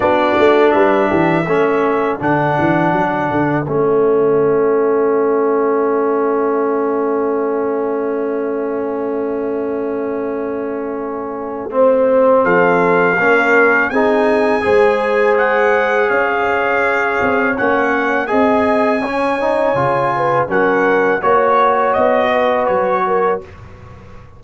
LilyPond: <<
  \new Staff \with { instrumentName = "trumpet" } { \time 4/4 \tempo 4 = 82 d''4 e''2 fis''4~ | fis''4 e''2.~ | e''1~ | e''1~ |
e''4 f''2 gis''4~ | gis''4 fis''4 f''2 | fis''4 gis''2. | fis''4 cis''4 dis''4 cis''4 | }
  \new Staff \with { instrumentName = "horn" } { \time 4/4 fis'4 b'8 g'8 a'2~ | a'1~ | a'1~ | a'1 |
c''4 a'4 ais'4 gis'4 | c''2 cis''2~ | cis''4 dis''4 cis''4. b'8 | ais'4 cis''4. b'4 ais'8 | }
  \new Staff \with { instrumentName = "trombone" } { \time 4/4 d'2 cis'4 d'4~ | d'4 cis'2.~ | cis'1~ | cis'1 |
c'2 cis'4 dis'4 | gis'1 | cis'4 gis'4 cis'8 dis'8 f'4 | cis'4 fis'2. | }
  \new Staff \with { instrumentName = "tuba" } { \time 4/4 b8 a8 g8 e8 a4 d8 e8 | fis8 d8 a2.~ | a1~ | a1~ |
a4 f4 ais4 c'4 | gis2 cis'4. c'8 | ais4 c'4 cis'4 cis4 | fis4 ais4 b4 fis4 | }
>>